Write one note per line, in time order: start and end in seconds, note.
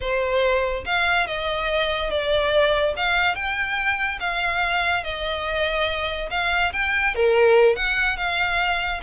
0.01 0.84 C5
0.85 1.26 F5
1.26 2.10 D#5
2.10 2.94 D5
2.96 3.35 F5
3.35 4.18 G5
4.20 5.03 F5
5.03 6.29 D#5
6.30 6.72 F5
6.72 7.14 G5
7.14 7.76 A#4
7.76 8.16 F#5
8.16 9.00 F5